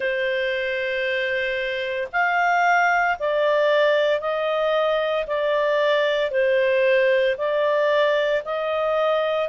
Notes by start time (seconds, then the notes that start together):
0.00 C5
2.12 F5
3.19 D5
4.20 D#5
5.26 D5
6.31 C5
7.37 D5
8.44 D#5